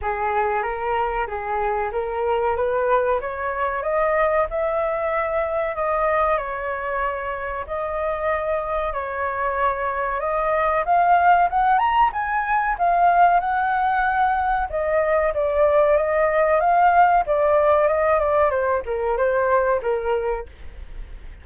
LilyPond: \new Staff \with { instrumentName = "flute" } { \time 4/4 \tempo 4 = 94 gis'4 ais'4 gis'4 ais'4 | b'4 cis''4 dis''4 e''4~ | e''4 dis''4 cis''2 | dis''2 cis''2 |
dis''4 f''4 fis''8 ais''8 gis''4 | f''4 fis''2 dis''4 | d''4 dis''4 f''4 d''4 | dis''8 d''8 c''8 ais'8 c''4 ais'4 | }